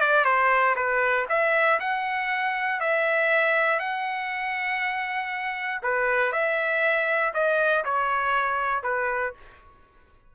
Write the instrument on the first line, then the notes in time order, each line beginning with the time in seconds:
trumpet
0.00 D5
0.24 C5
0.76 B4
1.29 E5
1.79 F#5
2.80 E5
3.79 F#5
5.82 B4
6.32 E5
7.34 D#5
7.84 C#5
8.83 B4